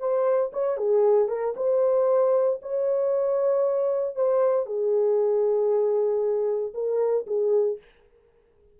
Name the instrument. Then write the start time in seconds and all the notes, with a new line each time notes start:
horn
0.00 C5
0.53 C#5
0.78 G#4
1.29 A#4
1.57 C5
2.63 C#5
4.16 C5
4.66 G#4
6.74 A#4
7.27 G#4